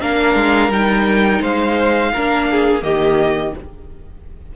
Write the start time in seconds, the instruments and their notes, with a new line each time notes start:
0.00 cello A#3, viola D4, violin A#4 F5
0.35 cello G#3
0.68 cello G3, viola D#4, violin G5
1.41 cello G#3, violin C5 F5
2.12 cello A#3, viola D4, violin A#4
2.50 violin G#4
2.80 cello D#3, viola A#3, violin G4 D#5